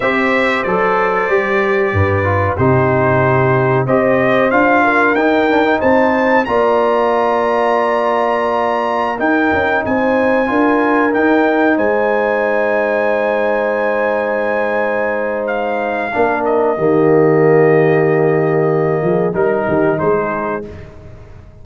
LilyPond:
<<
  \new Staff \with { instrumentName = "trumpet" } { \time 4/4 \tempo 4 = 93 e''4 d''2. | c''2 dis''4 f''4 | g''4 a''4 ais''2~ | ais''2~ ais''16 g''4 gis''8.~ |
gis''4~ gis''16 g''4 gis''4.~ gis''16~ | gis''1 | f''4. dis''2~ dis''8~ | dis''2 ais'4 c''4 | }
  \new Staff \with { instrumentName = "horn" } { \time 4/4 c''2. b'4 | g'2 c''4. ais'8~ | ais'4 c''4 d''2~ | d''2~ d''16 ais'4 c''8.~ |
c''16 ais'2 c''4.~ c''16~ | c''1~ | c''4 ais'4 g'2~ | g'4. gis'8 ais'8 g'8 gis'4 | }
  \new Staff \with { instrumentName = "trombone" } { \time 4/4 g'4 a'4 g'4. f'8 | dis'2 g'4 f'4 | dis'8 d'16 dis'4~ dis'16 f'2~ | f'2~ f'16 dis'4.~ dis'16~ |
dis'16 f'4 dis'2~ dis'8.~ | dis'1~ | dis'4 d'4 ais2~ | ais2 dis'2 | }
  \new Staff \with { instrumentName = "tuba" } { \time 4/4 c'4 fis4 g4 g,4 | c2 c'4 d'4 | dis'4 c'4 ais2~ | ais2~ ais16 dis'8 cis'8 c'8.~ |
c'16 d'4 dis'4 gis4.~ gis16~ | gis1~ | gis4 ais4 dis2~ | dis4. f8 g8 dis8 gis4 | }
>>